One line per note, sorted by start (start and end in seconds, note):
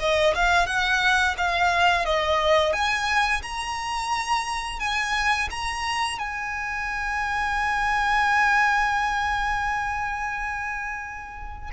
0.00 0.34 D#5
0.35 0.67 F5
0.67 1.36 F#5
1.38 2.05 F5
2.05 2.73 D#5
2.73 3.42 G#5
3.43 4.80 A#5
4.80 5.49 G#5
5.51 6.19 A#5
6.19 11.71 G#5